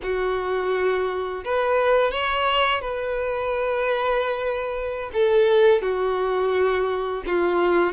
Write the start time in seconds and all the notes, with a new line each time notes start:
0.03 F#4
1.44 B4
2.11 C#5
2.81 B4
5.13 A4
5.82 F#4
7.26 F4